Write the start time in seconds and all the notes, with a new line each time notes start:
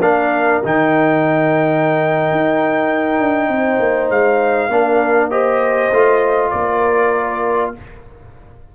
0.00 A#3 D4 A#4 F5
0.63 D#3 D#4 G5
2.31 D#4
3.19 D4
3.48 C4 C5
3.79 A#3
4.10 G#3 F5
4.68 A#3 D4 A#4
5.30 G4 C5 D#5
5.92 A3 F4
6.51 A#3 A#4 D5